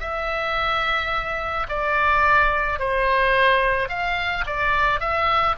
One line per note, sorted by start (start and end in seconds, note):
0.00 1.67 E5
1.69 2.79 D5
2.79 3.89 C5
3.89 4.44 F5
4.46 5.00 D5
5.00 5.56 E5